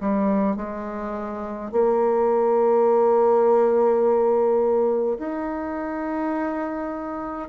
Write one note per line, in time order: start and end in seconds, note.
0.00 0.56 G3
0.56 1.72 G#3
1.72 5.18 A#3
5.18 7.49 D#4